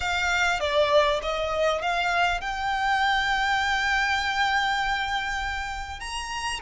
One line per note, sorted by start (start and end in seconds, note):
0.00 0.59 F5
0.60 1.20 D5
1.22 1.81 D#5
1.81 2.41 F5
2.41 5.99 G5
5.99 6.59 A#5